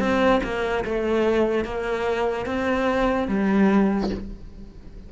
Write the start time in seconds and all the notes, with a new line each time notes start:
0.00 C4
0.44 A#3
0.85 A3
1.65 A#3
2.47 C4
3.28 G3